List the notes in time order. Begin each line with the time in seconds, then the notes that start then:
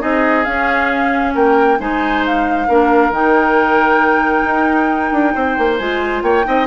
0.00 C4 D#4 G#4 D#5
0.44 C#4 F5
1.34 A#3 A#4 G5
1.79 G#3 D#4 C5 G#5
2.26 F5
2.69 A#3 D4 A#4
3.11 D#3 D#4 G5
4.45 D#4
5.12 D4
5.35 C4 C5
5.58 A#3
5.78 G#3 F4 G#5
6.23 A#3 C#5 G5
6.45 C4 D#4 D#5